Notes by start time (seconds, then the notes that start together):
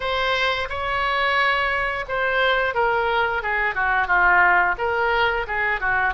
0.00 C5
0.68 C#5
2.08 C5
2.74 A#4
3.42 G#4
3.74 F#4
4.07 F4
4.78 A#4
5.47 G#4
5.80 F#4